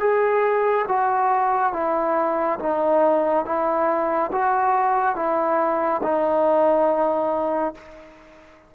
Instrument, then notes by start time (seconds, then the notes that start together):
trombone
0.00 G#4
0.88 F#4
1.73 E4
2.59 D#4
3.45 E4
4.32 F#4
5.16 E4
6.03 D#4